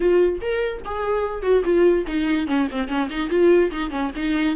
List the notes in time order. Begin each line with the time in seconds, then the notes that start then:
0.00 F4
0.41 A#4
0.85 G#4
1.42 F#4
1.64 F4
2.07 D#4
2.47 C#4
2.71 C4
2.88 C#4
3.10 D#4
3.29 F4
3.71 D#4
3.90 C#4
4.16 D#4